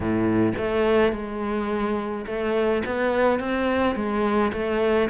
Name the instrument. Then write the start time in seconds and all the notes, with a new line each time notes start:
cello
0.00 A2
0.57 A3
1.12 G#3
2.26 A3
2.85 B3
3.39 C4
3.95 G#3
4.52 A3